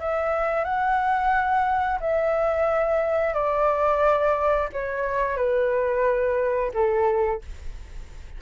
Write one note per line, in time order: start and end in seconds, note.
0.00 0.65 E5
0.65 1.99 F#5
2.01 3.34 E5
3.34 4.69 D5
4.73 5.37 C#5
5.37 6.72 B4
6.74 7.42 A4